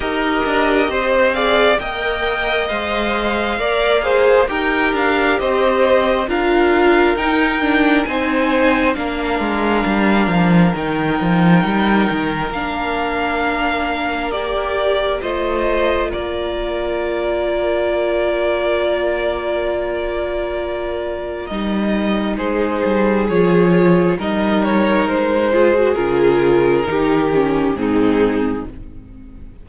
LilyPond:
<<
  \new Staff \with { instrumentName = "violin" } { \time 4/4 \tempo 4 = 67 dis''4. f''8 g''4 f''4~ | f''4 g''8 f''8 dis''4 f''4 | g''4 gis''4 f''2 | g''2 f''2 |
d''4 dis''4 d''2~ | d''1 | dis''4 c''4 cis''4 dis''8 cis''8 | c''4 ais'2 gis'4 | }
  \new Staff \with { instrumentName = "violin" } { \time 4/4 ais'4 c''8 d''8 dis''2 | d''8 c''8 ais'4 c''4 ais'4~ | ais'4 c''4 ais'2~ | ais'1~ |
ais'4 c''4 ais'2~ | ais'1~ | ais'4 gis'2 ais'4~ | ais'8 gis'4. g'4 dis'4 | }
  \new Staff \with { instrumentName = "viola" } { \time 4/4 g'4. gis'8 ais'4 c''4 | ais'8 gis'8 g'2 f'4 | dis'8 d'8 dis'4 d'2 | dis'2 d'2 |
g'4 f'2.~ | f'1 | dis'2 f'4 dis'4~ | dis'8 f'16 fis'16 f'4 dis'8 cis'8 c'4 | }
  \new Staff \with { instrumentName = "cello" } { \time 4/4 dis'8 d'8 c'4 ais4 gis4 | ais4 dis'8 d'8 c'4 d'4 | dis'4 c'4 ais8 gis8 g8 f8 | dis8 f8 g8 dis8 ais2~ |
ais4 a4 ais2~ | ais1 | g4 gis8 g8 f4 g4 | gis4 cis4 dis4 gis,4 | }
>>